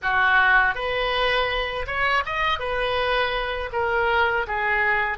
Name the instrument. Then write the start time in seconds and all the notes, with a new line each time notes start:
oboe
0.02 F#4
0.74 B4
1.86 C#5
2.25 D#5
2.59 B4
3.72 A#4
4.47 G#4